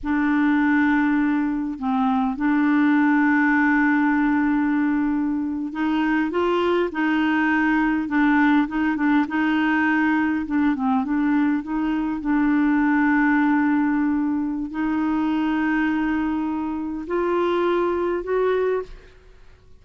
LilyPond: \new Staff \with { instrumentName = "clarinet" } { \time 4/4 \tempo 4 = 102 d'2. c'4 | d'1~ | d'4.~ d'16 dis'4 f'4 dis'16~ | dis'4.~ dis'16 d'4 dis'8 d'8 dis'16~ |
dis'4.~ dis'16 d'8 c'8 d'4 dis'16~ | dis'8. d'2.~ d'16~ | d'4 dis'2.~ | dis'4 f'2 fis'4 | }